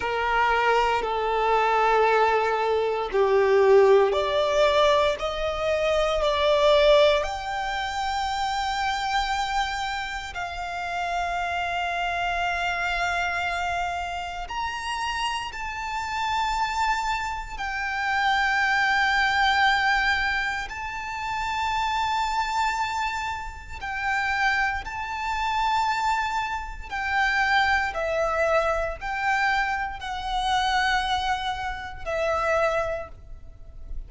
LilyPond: \new Staff \with { instrumentName = "violin" } { \time 4/4 \tempo 4 = 58 ais'4 a'2 g'4 | d''4 dis''4 d''4 g''4~ | g''2 f''2~ | f''2 ais''4 a''4~ |
a''4 g''2. | a''2. g''4 | a''2 g''4 e''4 | g''4 fis''2 e''4 | }